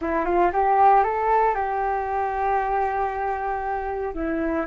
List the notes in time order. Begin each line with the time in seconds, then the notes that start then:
0.01 E4
0.25 F4
0.52 G4
1.03 A4
1.54 G4
4.14 E4